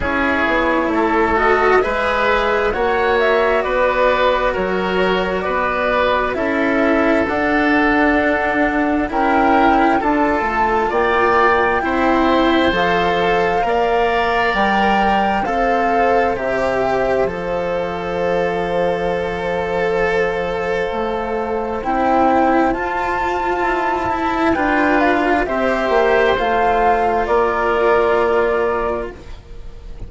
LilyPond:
<<
  \new Staff \with { instrumentName = "flute" } { \time 4/4 \tempo 4 = 66 cis''4. dis''8 e''4 fis''8 e''8 | d''4 cis''4 d''4 e''4 | fis''2 g''4 a''4 | g''2 f''2 |
g''4 f''4 e''4 f''4~ | f''1 | g''4 a''2 g''8 f''8 | e''4 f''4 d''2 | }
  \new Staff \with { instrumentName = "oboe" } { \time 4/4 gis'4 a'4 b'4 cis''4 | b'4 ais'4 b'4 a'4~ | a'2 ais'4 a'4 | d''4 c''2 d''4~ |
d''4 c''2.~ | c''1~ | c''2. b'4 | c''2 ais'2 | }
  \new Staff \with { instrumentName = "cello" } { \time 4/4 e'4. fis'8 gis'4 fis'4~ | fis'2. e'4 | d'2 e'4 f'4~ | f'4 e'4 a'4 ais'4~ |
ais'4 a'4 g'4 a'4~ | a'1 | e'4 f'4. e'8 f'4 | g'4 f'2. | }
  \new Staff \with { instrumentName = "bassoon" } { \time 4/4 cis'8 b8 a4 gis4 ais4 | b4 fis4 b4 cis'4 | d'2 cis'4 d'8 a8 | ais4 c'4 f4 ais4 |
g4 c'4 c4 f4~ | f2. a4 | c'4 f'4 e'4 d'4 | c'8 ais8 a4 ais2 | }
>>